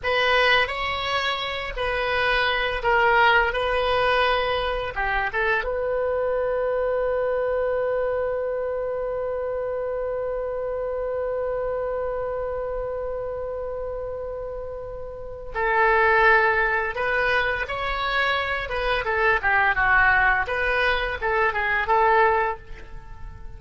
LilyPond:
\new Staff \with { instrumentName = "oboe" } { \time 4/4 \tempo 4 = 85 b'4 cis''4. b'4. | ais'4 b'2 g'8 a'8 | b'1~ | b'1~ |
b'1~ | b'2 a'2 | b'4 cis''4. b'8 a'8 g'8 | fis'4 b'4 a'8 gis'8 a'4 | }